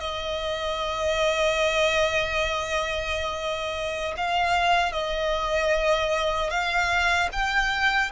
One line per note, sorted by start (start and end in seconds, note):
0.00 4.14 D#5
4.17 4.92 F5
4.92 6.50 D#5
6.50 7.29 F5
7.32 8.11 G5